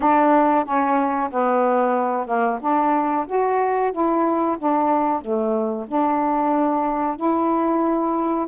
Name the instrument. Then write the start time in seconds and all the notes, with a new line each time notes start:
saxophone
0.00 D4
0.64 C#4
1.30 B3
2.26 A#3
2.61 D4
3.26 F#4
3.92 E4
4.58 D4
5.21 A3
5.87 D4
7.16 E4